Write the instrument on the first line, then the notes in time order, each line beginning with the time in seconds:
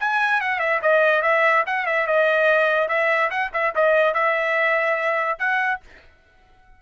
trumpet
0.00 G#5
0.41 F#5
0.59 E5
0.82 D#5
1.22 E5
1.66 F#5
1.86 E5
2.07 D#5
2.88 E5
3.31 F#5
3.53 E5
3.75 D#5
4.14 E5
5.39 F#5